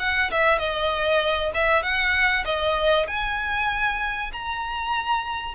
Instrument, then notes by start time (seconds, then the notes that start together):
violin
0.00 F#5
0.31 E5
0.59 D#5
1.55 E5
1.83 F#5
2.45 D#5
3.08 G#5
4.33 A#5